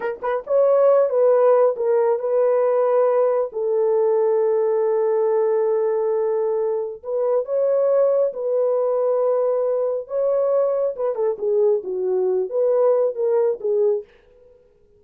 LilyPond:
\new Staff \with { instrumentName = "horn" } { \time 4/4 \tempo 4 = 137 ais'8 b'8 cis''4. b'4. | ais'4 b'2. | a'1~ | a'1 |
b'4 cis''2 b'4~ | b'2. cis''4~ | cis''4 b'8 a'8 gis'4 fis'4~ | fis'8 b'4. ais'4 gis'4 | }